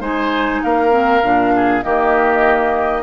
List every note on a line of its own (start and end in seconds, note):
0.00 0.61 G#3
0.00 0.91 D#4
0.00 0.61 C5
0.00 0.62 G#5
0.62 1.23 A#3
0.62 1.55 A#4
0.62 1.83 F5
0.91 1.21 C4
1.23 1.83 A#2
1.23 1.82 D4
1.55 1.84 G#4
1.82 3.03 D#3
1.82 3.03 A#3
1.82 3.03 G4
1.82 3.03 D#5